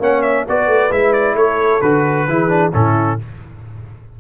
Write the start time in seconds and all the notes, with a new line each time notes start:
0.00 A#3 C#4 C#5 F#5
0.23 E5
0.49 B3 F#4 B4 D5
0.67 A3
0.91 G#3 E4 E5
1.13 D5
1.35 A3 A4 C#5
1.82 D3 F#4 B4
2.28 E3 E4 G#4
2.49 D4
2.74 A2 C#4 E4 A4